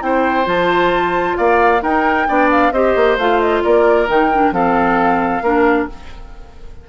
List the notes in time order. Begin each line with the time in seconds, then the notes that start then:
0.00 C4 E4 C5 G5
0.45 F3 F4 A5
1.37 A#3 D5 F5
1.82 D#4 A#4 G5
2.27 B3 D4 D5
2.50 F5
2.71 C4 G4 C5 D#5
2.96 A#3
3.17 A3 F4 F5
3.40 D#5
3.63 A#3 A#4 D5
4.07 D#3 D#4 G5
4.33 D4
4.51 F3 C4 A4 F5
5.42 A#3 D4 A#4